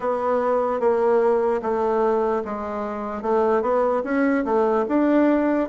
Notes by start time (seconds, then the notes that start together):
0.00 B3
0.80 A#3
1.61 A3
2.44 G#3
3.22 A3
3.62 B3
4.04 C#4
4.44 A3
4.88 D4